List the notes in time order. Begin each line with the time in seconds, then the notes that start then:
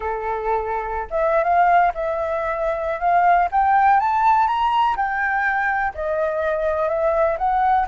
0.00 A4
1.10 E5
1.43 F5
1.94 E5
3.00 F5
3.51 G5
4.00 A5
4.47 A#5
4.96 G5
5.94 D#5
6.88 E5
7.37 F#5